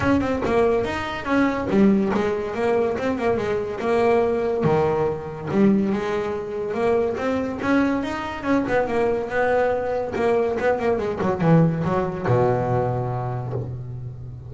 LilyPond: \new Staff \with { instrumentName = "double bass" } { \time 4/4 \tempo 4 = 142 cis'8 c'8 ais4 dis'4 cis'4 | g4 gis4 ais4 c'8 ais8 | gis4 ais2 dis4~ | dis4 g4 gis2 |
ais4 c'4 cis'4 dis'4 | cis'8 b8 ais4 b2 | ais4 b8 ais8 gis8 fis8 e4 | fis4 b,2. | }